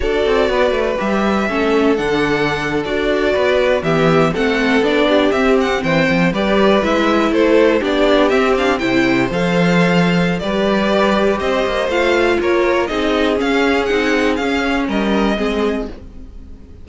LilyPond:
<<
  \new Staff \with { instrumentName = "violin" } { \time 4/4 \tempo 4 = 121 d''2 e''2 | fis''4.~ fis''16 d''2 e''16~ | e''8. fis''4 d''4 e''8 fis''8 g''16~ | g''8. d''4 e''4 c''4 d''16~ |
d''8. e''8 f''8 g''4 f''4~ f''16~ | f''4 d''2 dis''4 | f''4 cis''4 dis''4 f''4 | fis''4 f''4 dis''2 | }
  \new Staff \with { instrumentName = "violin" } { \time 4/4 a'4 b'2 a'4~ | a'2~ a'8. b'4 g'16~ | g'8. a'4. g'4. c''16~ | c''8. b'2 a'4 g'16~ |
g'4.~ g'16 c''2~ c''16~ | c''4 b'2 c''4~ | c''4 ais'4 gis'2~ | gis'2 ais'4 gis'4 | }
  \new Staff \with { instrumentName = "viola" } { \time 4/4 fis'2 g'4 cis'4 | d'4.~ d'16 fis'2 b16~ | b8. c'4 d'4 c'4~ c'16~ | c'8. g'4 e'2 d'16~ |
d'8. c'8 d'8 e'4 a'4~ a'16~ | a'4 g'2. | f'2 dis'4 cis'4 | dis'4 cis'2 c'4 | }
  \new Staff \with { instrumentName = "cello" } { \time 4/4 d'8 c'8 b8 a8 g4 a4 | d4.~ d16 d'4 b4 e16~ | e8. a4 b4 c'4 e16~ | e16 f8 g4 gis4 a4 b16~ |
b8. c'4 c4 f4~ f16~ | f4 g2 c'8 ais8 | a4 ais4 c'4 cis'4 | c'4 cis'4 g4 gis4 | }
>>